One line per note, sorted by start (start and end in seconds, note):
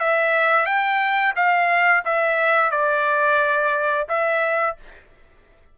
0.00 0.66 E5
0.66 1.34 G5
1.36 2.04 F5
2.05 2.71 E5
2.71 4.08 D5
4.09 4.77 E5